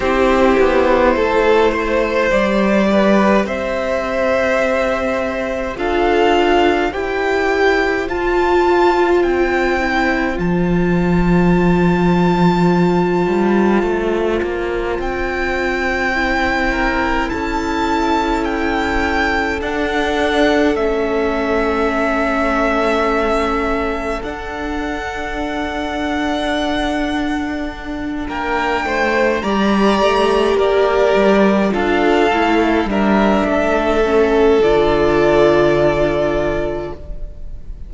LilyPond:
<<
  \new Staff \with { instrumentName = "violin" } { \time 4/4 \tempo 4 = 52 c''2 d''4 e''4~ | e''4 f''4 g''4 a''4 | g''4 a''2.~ | a''4 g''2 a''4 |
g''4 fis''4 e''2~ | e''4 fis''2.~ | fis''8 g''4 ais''4 d''4 f''8~ | f''8 e''4. d''2 | }
  \new Staff \with { instrumentName = "violin" } { \time 4/4 g'4 a'8 c''4 b'8 c''4~ | c''4 a'4 c''2~ | c''1~ | c''2~ c''8 ais'8 a'4~ |
a'1~ | a'1~ | a'8 ais'8 c''8 d''4 ais'4 a'8~ | a'8 ais'8 a'2. | }
  \new Staff \with { instrumentName = "viola" } { \time 4/4 e'2 g'2~ | g'4 f'4 g'4 f'4~ | f'8 e'8 f'2.~ | f'2 e'2~ |
e'4 d'4 cis'2~ | cis'4 d'2.~ | d'4. g'2 f'8 | e'8 d'4 cis'8 f'2 | }
  \new Staff \with { instrumentName = "cello" } { \time 4/4 c'8 b8 a4 g4 c'4~ | c'4 d'4 e'4 f'4 | c'4 f2~ f8 g8 | a8 ais8 c'2 cis'4~ |
cis'4 d'4 a2~ | a4 d'2.~ | d'8 ais8 a8 g8 a8 ais8 g8 d'8 | a8 g8 a4 d2 | }
>>